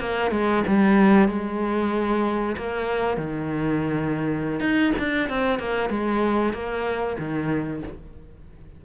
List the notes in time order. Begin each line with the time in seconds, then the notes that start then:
0.00 A#3
0.31 G#3
0.67 G3
1.28 G#3
2.56 A#3
3.17 D#3
4.60 D#4
4.98 D4
5.29 C4
5.59 A#3
5.90 G#3
6.53 A#3
7.19 D#3